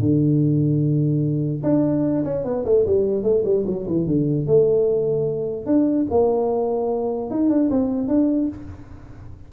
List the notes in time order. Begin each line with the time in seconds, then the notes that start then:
0.00 D3
1.63 D4
2.24 C#4
2.44 B3
2.65 A3
2.86 G3
3.23 A3
3.45 G3
3.66 F#3
3.87 E3
4.07 D3
4.46 A3
5.66 D4
6.10 A#3
7.30 D#4
7.49 D4
7.70 C4
8.08 D4